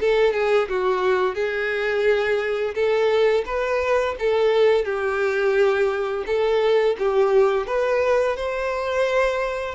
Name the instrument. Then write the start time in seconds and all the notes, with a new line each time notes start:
violin
0.00 A4
0.33 G#4
0.68 F#4
1.34 G#4
2.74 A4
3.45 B4
4.19 A4
4.85 G4
6.26 A4
6.98 G4
7.66 B4
8.36 C5